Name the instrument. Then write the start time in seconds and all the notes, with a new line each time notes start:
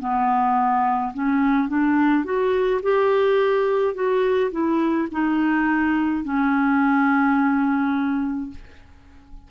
clarinet
0.00 B3
1.14 C#4
1.69 D4
2.25 F#4
2.83 G4
3.95 F#4
4.52 E4
5.13 D#4
6.24 C#4